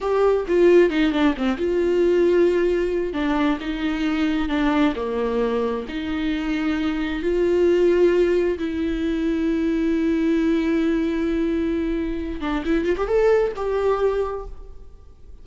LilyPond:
\new Staff \with { instrumentName = "viola" } { \time 4/4 \tempo 4 = 133 g'4 f'4 dis'8 d'8 c'8 f'8~ | f'2. d'4 | dis'2 d'4 ais4~ | ais4 dis'2. |
f'2. e'4~ | e'1~ | e'2.~ e'8 d'8 | e'8 f'16 g'16 a'4 g'2 | }